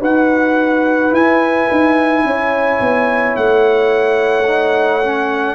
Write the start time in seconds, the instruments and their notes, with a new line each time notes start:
0.00 tuba D#4, trombone F#4, horn B4, trumpet F#5
1.10 trombone E4, tuba E4, trumpet G#5
1.71 tuba D#4
2.24 tuba C#4, horn C#5
2.80 tuba B3
3.36 tuba A3, trumpet F#5
4.46 trombone D#4
5.03 trombone C#4